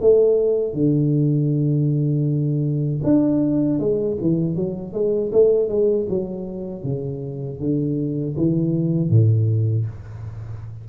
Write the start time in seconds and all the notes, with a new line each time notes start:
0.00 A3
0.73 D3
3.03 D4
3.79 G#3
4.20 E3
4.55 F#3
4.93 G#3
5.32 A3
5.68 G#3
6.09 F#3
6.83 C#3
7.59 D3
8.36 E3
9.09 A2